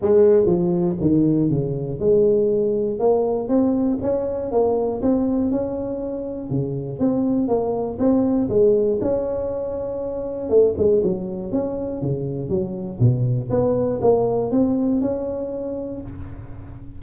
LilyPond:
\new Staff \with { instrumentName = "tuba" } { \time 4/4 \tempo 4 = 120 gis4 f4 dis4 cis4 | gis2 ais4 c'4 | cis'4 ais4 c'4 cis'4~ | cis'4 cis4 c'4 ais4 |
c'4 gis4 cis'2~ | cis'4 a8 gis8 fis4 cis'4 | cis4 fis4 b,4 b4 | ais4 c'4 cis'2 | }